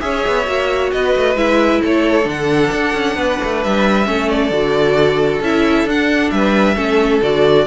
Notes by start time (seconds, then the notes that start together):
0.00 C#4 G#4 C#5 E5
0.27 B3
0.46 A#3 F#4
0.92 B3 B4 D#5
1.16 A3
1.35 G#3 E4 E5
1.81 A3 A4 C#5
2.23 D3 D4
2.29 F#5
2.72 D4
2.93 C#4
3.16 B3 B4
3.44 A3
3.63 G3 E5
4.05 A3 C#4 A4
4.30 D5
4.50 D3 F#4
5.41 C#4 E4 E5
5.85 D4 F#5
6.30 G3 B4 E5
6.76 A3 C#4 A4
7.22 D3 F#4 D5